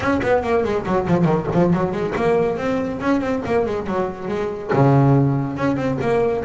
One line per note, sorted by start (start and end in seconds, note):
0.00 0.20 C#4
0.22 0.43 B3
0.43 0.64 A#3
0.64 0.85 G#3
0.86 1.07 F#3
1.07 1.24 F3
1.24 1.46 D#3
1.53 1.73 F3
1.73 1.92 F#3
1.92 2.13 G#3
2.15 2.57 A#3
2.57 2.99 C4
3.01 3.20 C#4
3.20 3.42 C4
3.45 3.65 A#3
3.65 3.86 G#3
3.86 4.28 F#3
4.28 4.70 G#3
4.73 5.56 C#3
5.56 5.76 C#4
5.76 5.98 C4
6.01 6.43 A#3